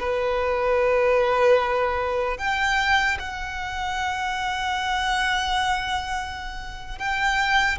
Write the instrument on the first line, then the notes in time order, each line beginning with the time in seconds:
violin
0.00 B4
2.37 G5
3.19 F#5
6.99 G5